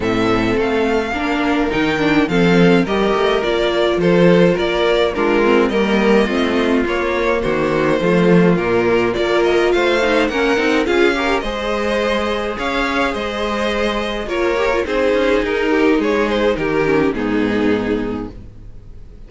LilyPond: <<
  \new Staff \with { instrumentName = "violin" } { \time 4/4 \tempo 4 = 105 e''4 f''2 g''4 | f''4 dis''4 d''4 c''4 | d''4 ais'4 dis''2 | cis''4 c''2 ais'4 |
d''8 dis''8 f''4 fis''4 f''4 | dis''2 f''4 dis''4~ | dis''4 cis''4 c''4 ais'4 | cis''8 c''8 ais'4 gis'2 | }
  \new Staff \with { instrumentName = "violin" } { \time 4/4 a'2 ais'2 | a'4 ais'2 a'4 | ais'4 f'4 ais'4 f'4~ | f'4 fis'4 f'2 |
ais'4 c''4 ais'4 gis'8 ais'8 | c''2 cis''4 c''4~ | c''4 ais'4 gis'4. g'8 | gis'4 g'4 dis'2 | }
  \new Staff \with { instrumentName = "viola" } { \time 4/4 c'2 d'4 dis'8 d'8 | c'4 g'4 f'2~ | f'4 d'8 c'8 ais4 c'4 | ais2 a4 ais4 |
f'4. dis'8 cis'8 dis'8 f'8 g'8 | gis'1~ | gis'4 f'8 g'16 f'16 dis'2~ | dis'4. cis'8 b2 | }
  \new Staff \with { instrumentName = "cello" } { \time 4/4 a,4 a4 ais4 dis4 | f4 g8 a8 ais4 f4 | ais4 gis4 g4 a4 | ais4 dis4 f4 ais,4 |
ais4 a4 ais8 c'8 cis'4 | gis2 cis'4 gis4~ | gis4 ais4 c'8 cis'8 dis'4 | gis4 dis4 gis,2 | }
>>